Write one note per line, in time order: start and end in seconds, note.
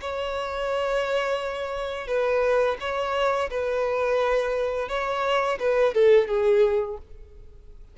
0.00 2.07 C#5
2.07 2.77 B4
2.80 3.49 C#5
3.50 4.88 B4
4.88 5.58 C#5
5.59 5.94 B4
5.94 6.28 A4
6.28 6.97 G#4